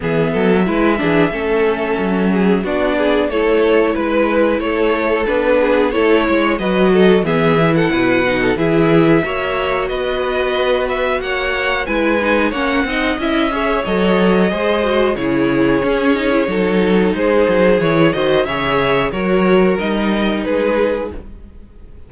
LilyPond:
<<
  \new Staff \with { instrumentName = "violin" } { \time 4/4 \tempo 4 = 91 e''1 | d''4 cis''4 b'4 cis''4 | b'4 cis''4 dis''4 e''8. fis''16~ | fis''4 e''2 dis''4~ |
dis''8 e''8 fis''4 gis''4 fis''4 | e''4 dis''2 cis''4~ | cis''2 c''4 cis''8 dis''8 | e''4 cis''4 dis''4 b'4 | }
  \new Staff \with { instrumentName = "violin" } { \time 4/4 gis'8 a'8 b'8 gis'8 a'4. gis'8 | fis'8 gis'8 a'4 b'4 a'4~ | a'8 gis'8 a'8 cis''8 b'8 a'8 gis'8. a'16 | b'8. a'16 gis'4 cis''4 b'4~ |
b'4 cis''4 b'4 cis''8 dis''8~ | dis''8 cis''4. c''4 gis'4~ | gis'4 a'4 gis'4. c''8 | cis''4 ais'2 gis'4 | }
  \new Staff \with { instrumentName = "viola" } { \time 4/4 b4 e'8 d'8 cis'2 | d'4 e'2. | d'4 e'4 fis'4 b8 e'8~ | e'8 dis'8 e'4 fis'2~ |
fis'2 e'8 dis'8 cis'8 dis'8 | e'8 gis'8 a'4 gis'8 fis'8 e'4 | cis'8 dis'16 e'16 dis'2 e'8 fis'8 | gis'4 fis'4 dis'2 | }
  \new Staff \with { instrumentName = "cello" } { \time 4/4 e8 fis8 gis8 e8 a4 fis4 | b4 a4 gis4 a4 | b4 a8 gis8 fis4 e4 | b,4 e4 ais4 b4~ |
b4 ais4 gis4 ais8 c'8 | cis'4 fis4 gis4 cis4 | cis'4 fis4 gis8 fis8 e8 dis8 | cis4 fis4 g4 gis4 | }
>>